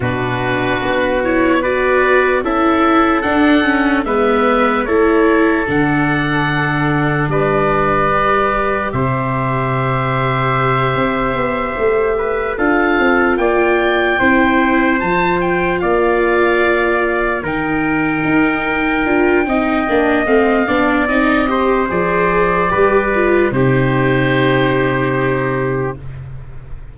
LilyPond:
<<
  \new Staff \with { instrumentName = "oboe" } { \time 4/4 \tempo 4 = 74 b'4. cis''8 d''4 e''4 | fis''4 e''4 cis''4 fis''4~ | fis''4 d''2 e''4~ | e''2.~ e''8 f''8~ |
f''8 g''2 a''8 g''8 f''8~ | f''4. g''2~ g''8~ | g''4 f''4 dis''4 d''4~ | d''4 c''2. | }
  \new Staff \with { instrumentName = "trumpet" } { \time 4/4 fis'2 b'4 a'4~ | a'4 b'4 a'2~ | a'4 b'2 c''4~ | c''2. b'8 a'8~ |
a'8 d''4 c''2 d''8~ | d''4. ais'2~ ais'8 | dis''4. d''4 c''4. | b'4 g'2. | }
  \new Staff \with { instrumentName = "viola" } { \time 4/4 d'4. e'8 fis'4 e'4 | d'8 cis'8 b4 e'4 d'4~ | d'2 g'2~ | g'2.~ g'8 f'8~ |
f'4. e'4 f'4.~ | f'4. dis'2 f'8 | dis'8 d'8 c'8 d'8 dis'8 g'8 gis'4 | g'8 f'8 dis'2. | }
  \new Staff \with { instrumentName = "tuba" } { \time 4/4 b,4 b2 cis'4 | d'4 gis4 a4 d4~ | d4 g2 c4~ | c4. c'8 b8 a4 d'8 |
c'8 ais4 c'4 f4 ais8~ | ais4. dis4 dis'4 d'8 | c'8 ais8 a8 b8 c'4 f4 | g4 c2. | }
>>